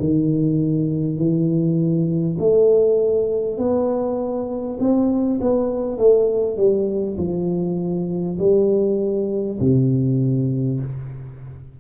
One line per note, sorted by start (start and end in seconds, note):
0.00 1.18 D#3
1.18 2.38 E3
2.39 3.58 A3
3.58 4.78 B3
4.80 5.40 C4
5.42 5.98 B3
5.98 6.57 A3
6.57 7.17 G3
7.18 8.38 F3
8.39 9.59 G3
9.61 10.81 C3